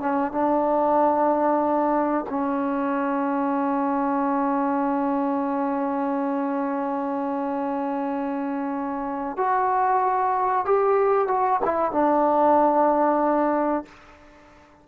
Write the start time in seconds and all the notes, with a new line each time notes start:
0.00 C#4
0.32 D4
2.30 C#4
9.37 F#4
10.65 G4
11.28 F#4
11.65 E4
11.92 D4